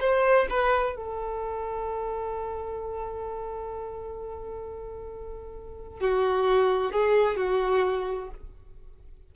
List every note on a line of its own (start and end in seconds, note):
0.00 0.47 C5
0.50 0.96 B4
0.96 6.00 A4
6.00 6.92 F#4
6.92 7.36 G#4
7.36 8.30 F#4